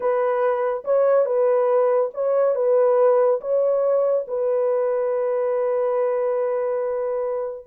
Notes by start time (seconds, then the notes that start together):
0.00 B4
0.84 C#5
1.25 B4
2.14 C#5
2.55 B4
3.40 C#5
4.27 B4